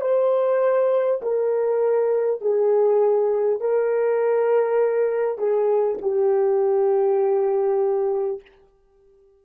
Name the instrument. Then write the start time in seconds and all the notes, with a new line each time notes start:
horn
0.00 C5
1.22 A#4
2.41 G#4
3.60 A#4
5.37 G#4
6.01 G4